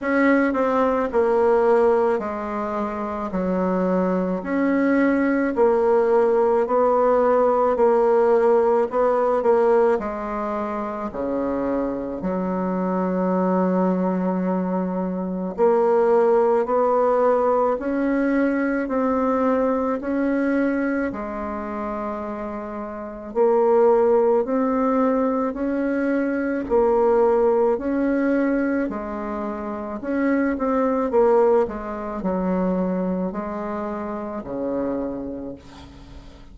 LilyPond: \new Staff \with { instrumentName = "bassoon" } { \time 4/4 \tempo 4 = 54 cis'8 c'8 ais4 gis4 fis4 | cis'4 ais4 b4 ais4 | b8 ais8 gis4 cis4 fis4~ | fis2 ais4 b4 |
cis'4 c'4 cis'4 gis4~ | gis4 ais4 c'4 cis'4 | ais4 cis'4 gis4 cis'8 c'8 | ais8 gis8 fis4 gis4 cis4 | }